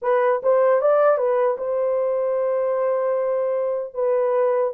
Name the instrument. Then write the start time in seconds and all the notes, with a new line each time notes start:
horn
0.02 B4
0.42 C5
0.81 D5
1.17 B4
1.57 C5
3.94 B4